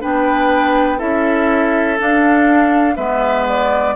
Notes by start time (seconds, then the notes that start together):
0.00 B3 D4 B4 G5
0.98 C#4 E4 A4 E5
1.97 D4 F5
2.96 G#3 B3 B4 E5
3.48 D5